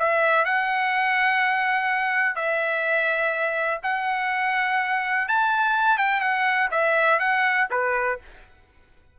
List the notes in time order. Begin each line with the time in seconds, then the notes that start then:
0.00 E5
0.46 F#5
2.36 E5
3.83 F#5
5.29 A5
5.98 G5
6.21 F#5
6.71 E5
7.20 F#5
7.71 B4